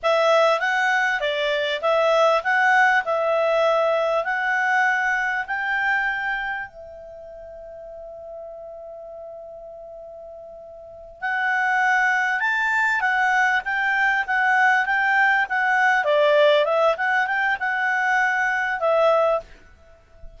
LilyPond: \new Staff \with { instrumentName = "clarinet" } { \time 4/4 \tempo 4 = 99 e''4 fis''4 d''4 e''4 | fis''4 e''2 fis''4~ | fis''4 g''2 e''4~ | e''1~ |
e''2~ e''8 fis''4.~ | fis''8 a''4 fis''4 g''4 fis''8~ | fis''8 g''4 fis''4 d''4 e''8 | fis''8 g''8 fis''2 e''4 | }